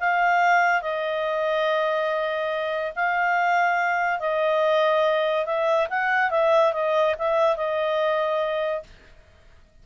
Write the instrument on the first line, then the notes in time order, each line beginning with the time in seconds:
clarinet
0.00 F5
0.82 D#5
2.96 F5
4.20 D#5
5.45 E5
5.90 F#5
6.31 E5
6.73 D#5
7.18 E5
7.57 D#5